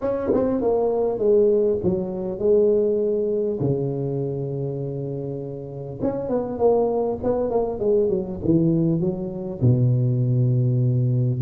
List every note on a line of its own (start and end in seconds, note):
0.01 0.31 C#4
0.33 0.61 C4
0.61 1.18 A#3
1.18 1.78 G#3
1.83 2.38 F#3
2.38 3.58 G#3
3.60 6.00 C#3
6.02 6.29 C#4
6.29 6.58 B3
6.58 7.18 A#3
7.23 7.50 B3
7.50 7.79 A#3
7.79 8.09 G#3
8.09 8.39 F#3
8.44 9.00 E3
9.00 9.60 F#3
9.61 11.41 B2